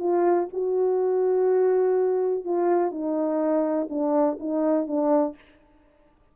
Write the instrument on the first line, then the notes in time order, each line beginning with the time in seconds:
horn
0.00 F4
0.54 F#4
2.45 F4
2.91 D#4
3.90 D4
4.40 D#4
4.87 D4